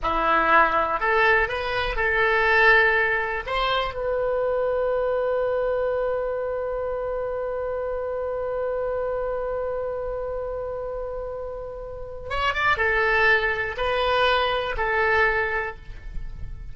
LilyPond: \new Staff \with { instrumentName = "oboe" } { \time 4/4 \tempo 4 = 122 e'2 a'4 b'4 | a'2. c''4 | b'1~ | b'1~ |
b'1~ | b'1~ | b'4 cis''8 d''8 a'2 | b'2 a'2 | }